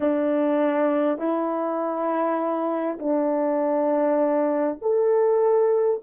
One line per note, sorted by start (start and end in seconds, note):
0.00 1.18 D4
1.18 2.98 E4
2.99 4.79 D4
4.81 6.01 A4